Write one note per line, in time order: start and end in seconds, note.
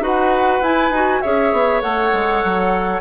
0.00 0.60 D#4
0.00 0.62 F#4
0.00 1.22 B4
0.00 0.64 F#5
0.61 0.90 E4
0.61 0.94 E4
0.61 1.22 G#5
0.90 1.20 D#4
0.90 1.24 F#4
1.22 1.53 C#4
1.22 1.82 G#4
1.22 3.01 C#5
1.22 1.81 E5
1.53 1.83 B3
1.82 2.13 A3
1.82 3.01 A4
1.82 3.01 F#5
2.13 2.43 G#3
2.44 3.01 F#3